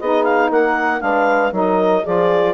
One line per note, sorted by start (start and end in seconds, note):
0.00 0.50 B3
0.00 1.00 D#4
0.00 0.51 G#4
0.00 0.24 D#5
0.24 0.49 F5
0.50 1.01 A#3
0.50 1.02 A#4
0.50 1.01 F#5
1.00 1.52 G#3
1.00 1.51 D4
1.00 1.53 B4
1.00 1.51 F5
1.52 2.03 F#3
1.52 2.03 D#4
1.52 2.04 A#4
1.52 2.05 D#5
2.04 2.54 F3
2.04 2.54 F4
2.04 2.54 G#4
2.04 2.54 D5